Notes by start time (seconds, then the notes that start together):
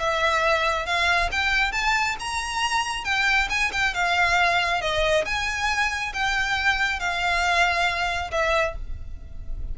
0.00 E5
0.86 F5
1.32 G5
1.73 A5
2.20 A#5
3.05 G5
3.50 G#5
3.73 G5
3.95 F5
4.82 D#5
5.26 G#5
6.14 G5
7.00 F5
8.32 E5